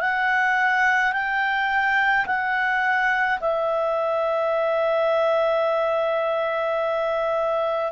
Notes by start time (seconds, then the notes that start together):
0.00 F#5
1.13 G5
2.26 F#5
3.40 E5